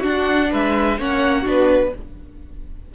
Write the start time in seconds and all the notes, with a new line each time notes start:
0.00 D4 F#4
0.06 F#5
0.51 G#3 B4 E5
0.99 A#3 C#4 C#5 F#5
1.41 B3 D4 F#4
1.48 B4